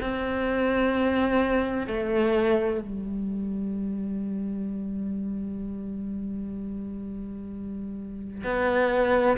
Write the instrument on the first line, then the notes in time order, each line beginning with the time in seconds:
cello
0.00 C4
1.87 A3
2.81 G3
8.43 B3